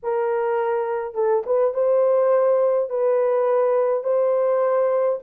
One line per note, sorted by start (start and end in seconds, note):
0.02 1.14 A#4
1.14 1.43 A4
1.46 1.74 B4
1.74 2.89 C5
2.89 4.03 B4
4.03 5.18 C5